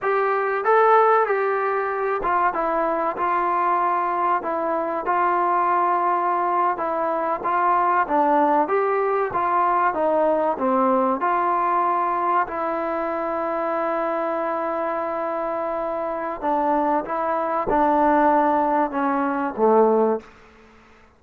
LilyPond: \new Staff \with { instrumentName = "trombone" } { \time 4/4 \tempo 4 = 95 g'4 a'4 g'4. f'8 | e'4 f'2 e'4 | f'2~ f'8. e'4 f'16~ | f'8. d'4 g'4 f'4 dis'16~ |
dis'8. c'4 f'2 e'16~ | e'1~ | e'2 d'4 e'4 | d'2 cis'4 a4 | }